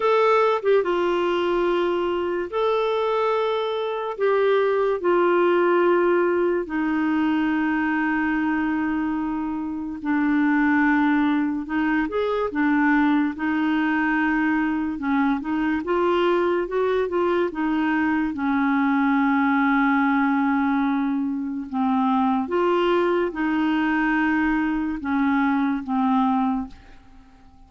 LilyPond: \new Staff \with { instrumentName = "clarinet" } { \time 4/4 \tempo 4 = 72 a'8. g'16 f'2 a'4~ | a'4 g'4 f'2 | dis'1 | d'2 dis'8 gis'8 d'4 |
dis'2 cis'8 dis'8 f'4 | fis'8 f'8 dis'4 cis'2~ | cis'2 c'4 f'4 | dis'2 cis'4 c'4 | }